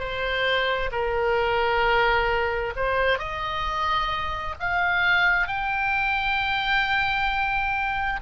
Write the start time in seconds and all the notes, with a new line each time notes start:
0.00 C5
0.93 A#4
2.76 C5
3.19 D#5
4.60 F5
5.48 G5